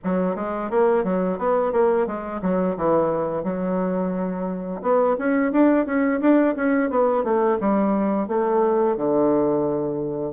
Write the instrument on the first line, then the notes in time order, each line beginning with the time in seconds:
bassoon
0.03 F#3
0.35 G#3
0.70 A#3
1.04 F#3
1.38 B3
1.72 A#3
2.06 G#3
2.42 F#3
2.76 E3
3.43 F#3
4.82 B3
5.18 C#4
5.51 D4
5.86 C#4
6.20 D4
6.56 C#4
6.90 B3
7.24 A3
7.60 G3
8.28 A3
8.97 D3